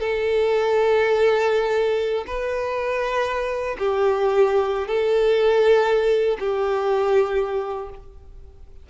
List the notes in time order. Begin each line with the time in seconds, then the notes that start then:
0.00 A4
2.27 B4
3.79 G4
4.88 A4
6.40 G4